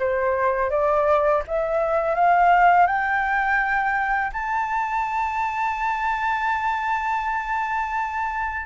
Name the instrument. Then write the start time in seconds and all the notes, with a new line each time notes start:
flute
0.00 C5
0.71 D5
1.48 E5
2.16 F5
2.87 G5
4.33 A5